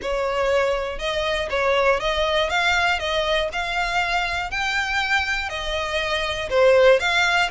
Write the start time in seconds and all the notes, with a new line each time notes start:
0.01 C#5
0.98 D#5
1.50 C#5
2.00 D#5
2.49 F5
2.99 D#5
3.52 F5
4.50 G5
5.49 D#5
6.49 C5
6.99 F5